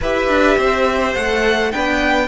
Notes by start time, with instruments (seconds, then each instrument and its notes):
0.01 cello E4, viola G4, violin B4 E5
0.28 cello D4
0.57 cello C4, violin C5
1.14 cello A3, viola A4, violin F#5
1.71 cello B3, viola D4, violin B4 G5